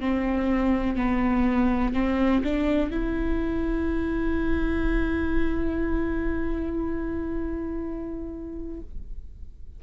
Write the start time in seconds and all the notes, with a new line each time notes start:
0.00 C4
0.97 B3
1.94 C4
2.44 D4
2.91 E4